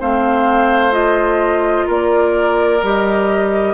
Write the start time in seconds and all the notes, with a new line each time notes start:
0.00 A3 C4 C5 F5
0.92 F4 D#5
1.87 A#3 A#4 D5
2.83 G3 G4 D#5